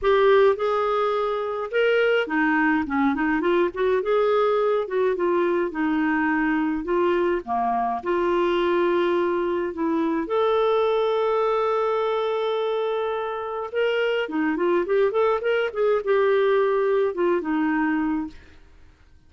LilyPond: \new Staff \with { instrumentName = "clarinet" } { \time 4/4 \tempo 4 = 105 g'4 gis'2 ais'4 | dis'4 cis'8 dis'8 f'8 fis'8 gis'4~ | gis'8 fis'8 f'4 dis'2 | f'4 ais4 f'2~ |
f'4 e'4 a'2~ | a'1 | ais'4 dis'8 f'8 g'8 a'8 ais'8 gis'8 | g'2 f'8 dis'4. | }